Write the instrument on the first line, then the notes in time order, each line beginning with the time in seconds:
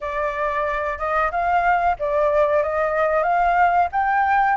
flute
0.00 D5
0.98 D#5
1.31 F5
1.99 D5
2.63 D#5
3.23 F5
3.92 G5